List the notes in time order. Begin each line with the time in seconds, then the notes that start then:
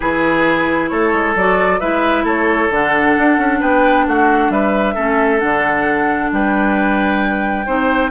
0.00 E3 E4 G#4 B4
0.88 A3 A4 C#5
1.12 G#3
1.35 F#3 F#4 D5
1.80 G#3 E4 B4 E5
2.23 A3 A4 C#5
2.70 D3 D4 F#5
3.18 D4
3.37 C#4
3.59 B3 B4 G5
4.07 A3 F#4 F#5
4.49 G3 B4 E5
4.94 A3 C#4 A4
5.39 D3 D4 F#5
6.31 G3 B4 G5
7.65 C4 D#4 C5